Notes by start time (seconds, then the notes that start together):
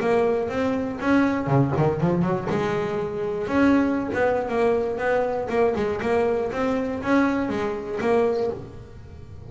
0.00 A#3
0.49 C4
1.00 C#4
1.47 C#3
1.77 D#3
2.00 F3
2.22 F#3
2.50 G#3
3.47 C#4
4.14 B3
4.49 A#3
4.98 B3
5.49 A#3
5.75 G#3
6.02 A#3
6.52 C4
7.02 C#4
7.49 G#3
8.00 A#3